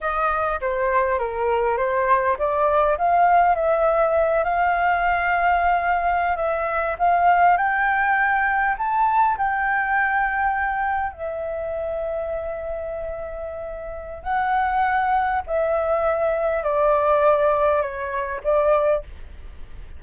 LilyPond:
\new Staff \with { instrumentName = "flute" } { \time 4/4 \tempo 4 = 101 dis''4 c''4 ais'4 c''4 | d''4 f''4 e''4. f''8~ | f''2~ f''8. e''4 f''16~ | f''8. g''2 a''4 g''16~ |
g''2~ g''8. e''4~ e''16~ | e''1 | fis''2 e''2 | d''2 cis''4 d''4 | }